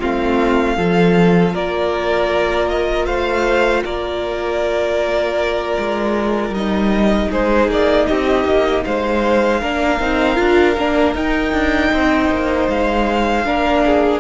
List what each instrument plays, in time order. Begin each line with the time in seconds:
0.00 cello A3, viola C4, violin F4 F5
0.76 cello F3, viola F4, violin A4
1.53 cello A#3, violin A#4 D5
2.69 violin D#5
3.06 cello A3, violin C5 F5
3.85 cello A#3, violin A#4 D5
5.79 cello G#3
6.50 cello G3, violin D#5
6.56 viola D#4
7.30 cello G#3, violin G#4 C5
7.68 cello A#3, violin D5
8.07 cello C4, violin G4 D#5
8.45 cello A#3
8.84 cello G#3, violin C5 F5
9.61 cello A#3, viola D4, violin A#4
10.00 cello C4, viola D#4
10.36 cello D4, viola F4
10.77 cello A#3, viola D4
11.15 cello D#4, viola D#4, violin G5
11.53 cello D4
11.92 cello C4, violin C5
12.30 cello A#3
12.69 cello G#3, violin F5
13.45 cello A#3, viola D4, violin A#4
13.86 violin G#4